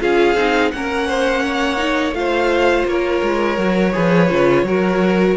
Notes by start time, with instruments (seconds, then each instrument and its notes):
0.00 cello C#4, viola F4, violin G#4 F5
0.35 cello C4, viola D#4
0.71 cello A#3, viola C#4, violin A#4 F#5
1.07 violin C5
1.46 violin C#5
1.77 viola D#4
2.13 cello A3, viola F4, violin C5 F5
2.86 cello A#3, violin A#4 C#5
3.22 cello G#3
3.58 cello F#3, viola F#4
3.93 cello F3, viola G#4, violin B4
4.30 cello C#3, viola F4
4.63 cello F#3, viola F#4, violin A#4